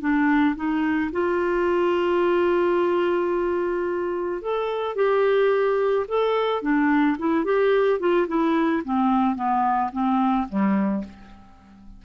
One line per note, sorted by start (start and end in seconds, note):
0.00 0.55 D4
0.56 1.11 D#4
1.12 4.41 F4
4.41 4.96 A4
4.96 6.06 G4
6.08 6.62 A4
6.62 7.17 D4
7.18 7.44 E4
7.44 7.99 G4
7.99 8.27 F4
8.27 8.82 E4
8.84 9.35 C4
9.35 9.90 B3
9.92 10.47 C4
10.49 11.04 G3